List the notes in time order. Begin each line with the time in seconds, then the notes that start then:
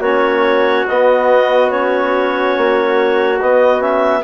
0.00 A#3 C#4 F#4 C#5
0.87 B3 D#5
1.70 C#4 C#5
2.57 A#3
3.41 B3 D#5
3.79 C#4 E5